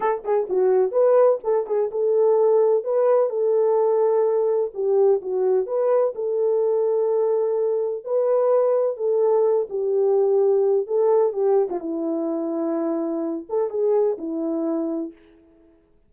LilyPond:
\new Staff \with { instrumentName = "horn" } { \time 4/4 \tempo 4 = 127 a'8 gis'8 fis'4 b'4 a'8 gis'8 | a'2 b'4 a'4~ | a'2 g'4 fis'4 | b'4 a'2.~ |
a'4 b'2 a'4~ | a'8 g'2~ g'8 a'4 | g'8. f'16 e'2.~ | e'8 a'8 gis'4 e'2 | }